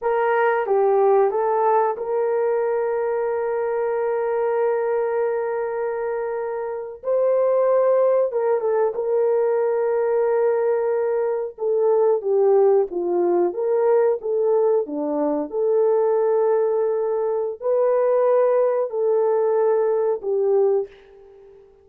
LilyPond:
\new Staff \with { instrumentName = "horn" } { \time 4/4 \tempo 4 = 92 ais'4 g'4 a'4 ais'4~ | ais'1~ | ais'2~ ais'8. c''4~ c''16~ | c''8. ais'8 a'8 ais'2~ ais'16~ |
ais'4.~ ais'16 a'4 g'4 f'16~ | f'8. ais'4 a'4 d'4 a'16~ | a'2. b'4~ | b'4 a'2 g'4 | }